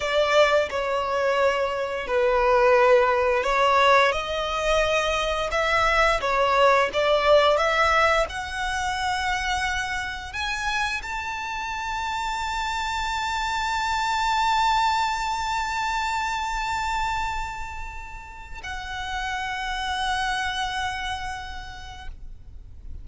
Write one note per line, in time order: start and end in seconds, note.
0.00 0.69 D5
0.70 2.07 C#5
2.07 3.43 B4
3.43 4.12 C#5
4.12 5.50 D#5
5.51 6.20 E5
6.20 6.89 C#5
6.93 7.57 D5
7.57 8.26 E5
8.29 10.32 F#5
10.32 11.01 G#5
11.02 18.61 A5
18.63 22.08 F#5